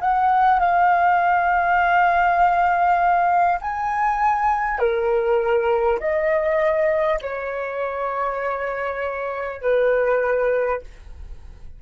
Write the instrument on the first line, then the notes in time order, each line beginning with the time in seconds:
flute
0.00 F#5
0.59 F5
3.61 G#5
4.78 A#4
5.99 D#5
7.21 C#5
9.61 B4